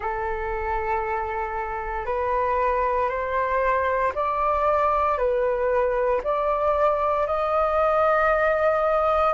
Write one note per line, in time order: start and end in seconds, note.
0.00 2.05 A4
2.05 3.08 B4
3.08 4.12 C5
4.14 5.17 D5
5.17 6.21 B4
6.24 7.26 D5
7.26 9.33 D#5